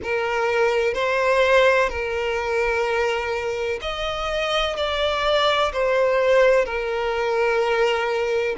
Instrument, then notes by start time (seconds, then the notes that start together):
violin
0.03 A#4
0.94 C5
1.89 A#4
3.81 D#5
4.76 D5
5.72 C5
6.65 A#4